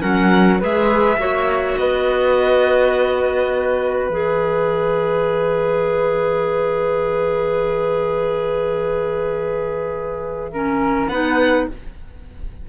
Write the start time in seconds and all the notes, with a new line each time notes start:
0.00 F#3 C#4 A#4 F#5
0.59 G#3 G#4 B4 E5
1.17 A#3 F#4 C#5
1.77 B3 B4 D#5
4.09 E3 G#4 E5
10.52 C#4 A#4
11.08 B3 D#4 B4 F#5